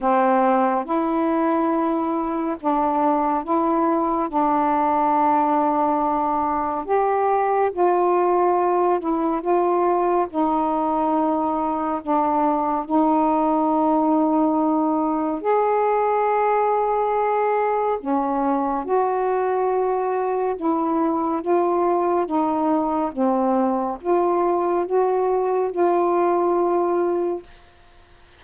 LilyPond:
\new Staff \with { instrumentName = "saxophone" } { \time 4/4 \tempo 4 = 70 c'4 e'2 d'4 | e'4 d'2. | g'4 f'4. e'8 f'4 | dis'2 d'4 dis'4~ |
dis'2 gis'2~ | gis'4 cis'4 fis'2 | e'4 f'4 dis'4 c'4 | f'4 fis'4 f'2 | }